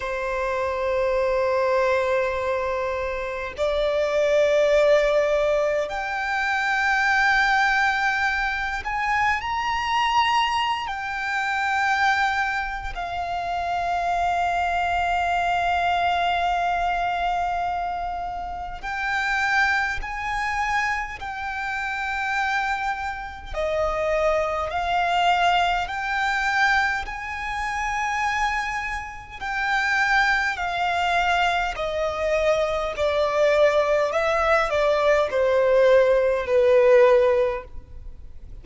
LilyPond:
\new Staff \with { instrumentName = "violin" } { \time 4/4 \tempo 4 = 51 c''2. d''4~ | d''4 g''2~ g''8 gis''8 | ais''4~ ais''16 g''4.~ g''16 f''4~ | f''1 |
g''4 gis''4 g''2 | dis''4 f''4 g''4 gis''4~ | gis''4 g''4 f''4 dis''4 | d''4 e''8 d''8 c''4 b'4 | }